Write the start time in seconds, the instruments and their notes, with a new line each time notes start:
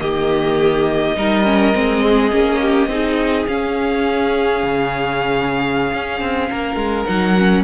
0.00 cello D#3, viola A#3, violin G4 D#5
1.16 cello G3, viola D#4, violin A#4
1.44 viola C#4
1.74 cello G#3, viola C4
2.03 violin G#4
2.32 cello A#3, viola C#4
2.61 violin G4
2.88 cello C4, viola D#4, violin G#4
3.48 cello C#4, viola C#4, violin F5
4.64 cello C#3
5.94 cello C#4
6.21 cello C4
6.51 cello A#3, violin A#4
6.76 cello G#3
7.06 cello F#3, viola D#4, violin F#5
7.38 viola C#4